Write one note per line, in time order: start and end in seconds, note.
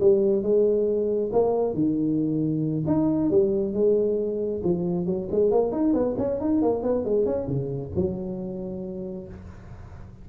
0.00 0.43 G3
0.43 1.31 G#3
1.32 1.74 A#3
1.74 2.84 D#3
2.87 3.30 D#4
3.30 3.74 G3
3.74 4.62 G#3
4.64 5.06 F3
5.06 5.28 F#3
5.31 5.51 G#3
5.51 5.72 A#3
5.72 5.94 D#4
5.94 6.16 B3
6.18 6.40 C#4
6.40 6.62 D#4
6.62 6.83 A#3
6.83 7.05 B3
7.05 7.26 G#3
7.26 7.47 C#4
7.47 7.92 C#3
7.95 9.28 F#3